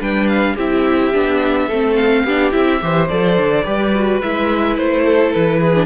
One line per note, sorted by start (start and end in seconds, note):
0.00 0.57 G3
0.00 0.56 D4
0.00 0.55 B4
0.00 0.28 G5
0.28 0.56 F5
0.55 1.14 C4
0.55 1.13 E4
0.55 1.67 G4
0.55 1.95 E5
1.13 1.71 B3
1.13 1.69 D4
1.67 2.24 A3
1.67 2.28 C4
1.67 2.23 A4
1.95 2.51 F5
2.24 2.52 B3
2.24 2.51 D4
2.24 2.81 G4
2.51 2.82 C4
2.51 2.79 E4
2.51 3.08 E5
2.81 3.10 E3
2.81 3.09 G4
2.81 3.64 C5
3.08 3.38 F3
3.08 3.64 A4
3.08 4.20 D5
3.38 3.66 D3
3.64 4.22 G3
3.64 3.92 G4
3.64 5.04 B4
3.95 4.23 F#4
4.21 4.78 G#3
4.21 5.75 E4
4.21 4.77 E5
4.77 5.34 A3
4.77 5.32 C5
5.05 5.60 A4
5.32 5.86 E3
5.32 5.86 B4
5.60 5.86 G#4
5.75 5.86 D4